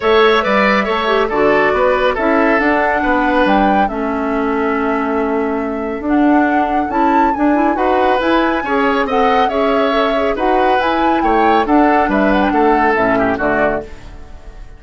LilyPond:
<<
  \new Staff \with { instrumentName = "flute" } { \time 4/4 \tempo 4 = 139 e''2. d''4~ | d''4 e''4 fis''2 | g''4 e''2.~ | e''2 fis''2 |
a''4 gis''4 fis''4 gis''4~ | gis''4 fis''4 e''2 | fis''4 gis''4 g''4 fis''4 | e''8 fis''16 g''16 fis''4 e''4 d''4 | }
  \new Staff \with { instrumentName = "oboe" } { \time 4/4 cis''4 d''4 cis''4 a'4 | b'4 a'2 b'4~ | b'4 a'2.~ | a'1~ |
a'2 b'2 | cis''4 dis''4 cis''2 | b'2 cis''4 a'4 | b'4 a'4. g'8 fis'4 | }
  \new Staff \with { instrumentName = "clarinet" } { \time 4/4 a'4 b'4 a'8 g'8 fis'4~ | fis'4 e'4 d'2~ | d'4 cis'2.~ | cis'2 d'2 |
e'4 d'8 e'8 fis'4 e'4 | gis'4 a'4 gis'4 a'8 gis'8 | fis'4 e'2 d'4~ | d'2 cis'4 a4 | }
  \new Staff \with { instrumentName = "bassoon" } { \time 4/4 a4 g4 a4 d4 | b4 cis'4 d'4 b4 | g4 a2.~ | a2 d'2 |
cis'4 d'4 dis'4 e'4 | cis'4 c'4 cis'2 | dis'4 e'4 a4 d'4 | g4 a4 a,4 d4 | }
>>